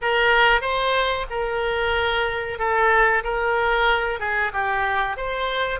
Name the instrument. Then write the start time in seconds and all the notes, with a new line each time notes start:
oboe
0.01 A#4
0.61 C5
1.29 A#4
2.58 A4
3.23 A#4
4.19 G#4
4.52 G4
5.16 C5